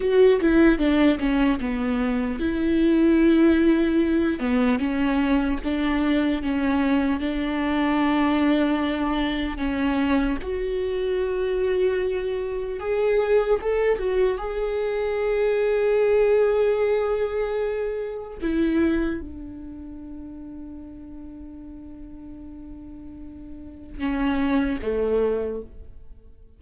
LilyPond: \new Staff \with { instrumentName = "viola" } { \time 4/4 \tempo 4 = 75 fis'8 e'8 d'8 cis'8 b4 e'4~ | e'4. b8 cis'4 d'4 | cis'4 d'2. | cis'4 fis'2. |
gis'4 a'8 fis'8 gis'2~ | gis'2. e'4 | d'1~ | d'2 cis'4 a4 | }